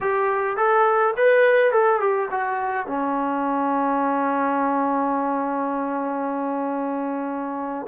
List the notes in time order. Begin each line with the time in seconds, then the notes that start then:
0.00 G4
0.56 A4
1.17 B4
1.72 A4
2.00 G4
2.31 F#4
2.86 C#4